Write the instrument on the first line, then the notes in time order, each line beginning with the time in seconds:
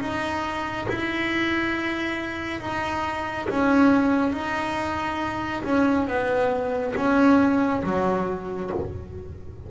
double bass
0.00 D#4
0.89 E4
2.60 D#4
3.49 C#4
4.32 D#4
5.63 C#4
6.07 B3
6.96 C#4
7.83 F#3